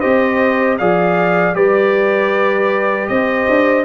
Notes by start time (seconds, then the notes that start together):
0.00 C4 G4 C5 D#5
0.78 F3 G#4 D5 F5
1.53 G3 G4 B4 D5
3.08 C4 C5 D#5
3.49 D4